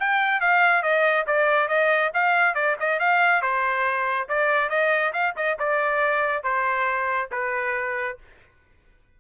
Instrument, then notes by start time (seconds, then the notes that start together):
trumpet
0.00 G5
0.41 F5
0.83 D#5
1.27 D5
1.68 D#5
2.14 F5
2.54 D5
2.80 D#5
2.99 F5
3.42 C5
4.29 D5
4.70 D#5
5.13 F5
5.36 D#5
5.59 D5
6.43 C5
7.32 B4